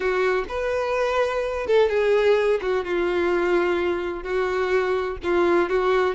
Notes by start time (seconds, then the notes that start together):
0.00 F#4
0.48 B4
1.66 A4
1.89 G#4
2.61 F#4
2.84 F4
4.23 F#4
5.23 F4
5.69 F#4